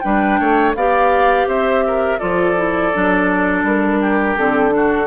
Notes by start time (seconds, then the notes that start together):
0.00 G3 D4 B4 G5
0.39 A3 C#5
0.75 B3 G4 D5 F5
1.47 C4 C5 E5
1.87 A#4
2.19 F3 F4 A4 D5
2.56 E4
2.93 F#3 D4
3.63 G3 A#4
4.01 G4
4.37 D3 C4 A4
4.70 D4 F#4